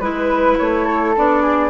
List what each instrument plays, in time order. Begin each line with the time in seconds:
0.00 bassoon G#3, clarinet E4, flute B4
0.59 bassoon A3, flute C#5
0.86 flute A4
1.17 bassoon B3, clarinet D4, flute D5
1.43 flute G#4